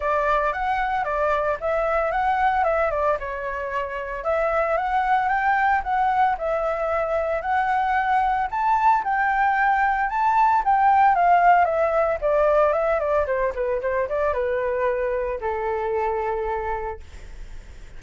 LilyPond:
\new Staff \with { instrumentName = "flute" } { \time 4/4 \tempo 4 = 113 d''4 fis''4 d''4 e''4 | fis''4 e''8 d''8 cis''2 | e''4 fis''4 g''4 fis''4 | e''2 fis''2 |
a''4 g''2 a''4 | g''4 f''4 e''4 d''4 | e''8 d''8 c''8 b'8 c''8 d''8 b'4~ | b'4 a'2. | }